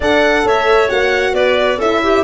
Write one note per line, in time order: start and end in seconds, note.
0.00 0.44 D4
0.00 0.89 A4
0.00 0.43 D5
0.00 0.47 F#5
0.44 0.89 A3
0.44 1.33 C#5
0.44 0.89 E5
0.89 1.33 A#3
0.89 1.78 F#4
0.89 1.34 F#5
1.33 1.77 B3
1.33 1.78 B4
1.33 1.79 D5
1.77 2.22 C#4
1.77 2.24 E4
1.77 2.00 A4
1.77 2.24 E5
2.02 2.24 G4